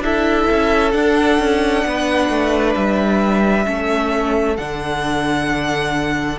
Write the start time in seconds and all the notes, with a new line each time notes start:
0.00 D4 E4 A4 E5
0.51 C#4
0.92 D4 F#5
1.39 C#4
1.86 B3 B4
2.30 A3
2.76 G3 E5
3.65 A3 C#4 A4
4.57 D3 D4 F#5